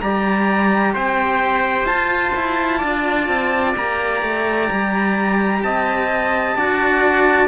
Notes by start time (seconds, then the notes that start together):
0.00 G3 G4 D5 A#5
0.93 C4 C5 G5
1.84 F4 A5
2.35 E4
2.78 D4 D5
3.28 C4
3.76 A#3 G4 A#5
4.22 A3
4.71 G3
5.63 C4 D#5 A5
6.56 D4 F#4 D5